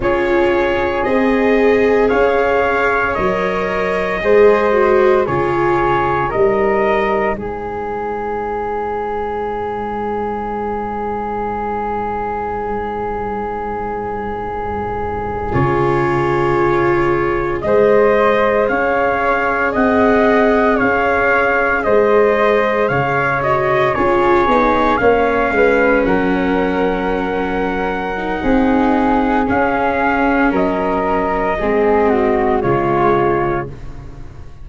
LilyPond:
<<
  \new Staff \with { instrumentName = "trumpet" } { \time 4/4 \tempo 4 = 57 cis''4 dis''4 f''4 dis''4~ | dis''4 cis''4 dis''4 c''4~ | c''1~ | c''2~ c''8. cis''4~ cis''16~ |
cis''8. dis''4 f''4 fis''4 f''16~ | f''8. dis''4 f''8 dis''8 cis''4 f''16~ | f''8. fis''2.~ fis''16 | f''4 dis''2 cis''4 | }
  \new Staff \with { instrumentName = "flute" } { \time 4/4 gis'2 cis''2 | c''4 gis'4 ais'4 gis'4~ | gis'1~ | gis'1~ |
gis'8. c''4 cis''4 dis''4 cis''16~ | cis''8. c''4 cis''4 gis'4 cis''16~ | cis''16 b'8 ais'2~ ais'16 gis'4~ | gis'4 ais'4 gis'8 fis'8 f'4 | }
  \new Staff \with { instrumentName = "viola" } { \time 4/4 f'4 gis'2 ais'4 | gis'8 fis'8 f'4 dis'2~ | dis'1~ | dis'2~ dis'8. f'4~ f'16~ |
f'8. gis'2.~ gis'16~ | gis'2~ gis'16 fis'8 f'8 dis'8 cis'16~ | cis'2~ cis'8. dis'4~ dis'16 | cis'2 c'4 gis4 | }
  \new Staff \with { instrumentName = "tuba" } { \time 4/4 cis'4 c'4 cis'4 fis4 | gis4 cis4 g4 gis4~ | gis1~ | gis2~ gis8. cis4~ cis16~ |
cis8. gis4 cis'4 c'4 cis'16~ | cis'8. gis4 cis4 cis'8 b8 ais16~ | ais16 gis8 fis2~ fis16 c'4 | cis'4 fis4 gis4 cis4 | }
>>